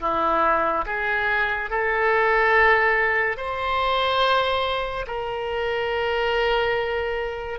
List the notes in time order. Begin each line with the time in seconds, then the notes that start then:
0.00 E4
0.86 G#4
1.70 A4
3.37 C5
5.07 A#4